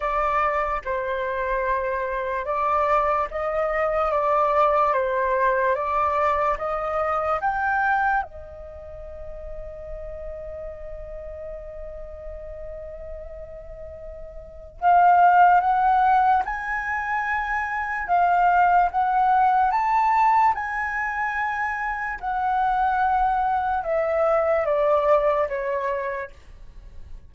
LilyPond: \new Staff \with { instrumentName = "flute" } { \time 4/4 \tempo 4 = 73 d''4 c''2 d''4 | dis''4 d''4 c''4 d''4 | dis''4 g''4 dis''2~ | dis''1~ |
dis''2 f''4 fis''4 | gis''2 f''4 fis''4 | a''4 gis''2 fis''4~ | fis''4 e''4 d''4 cis''4 | }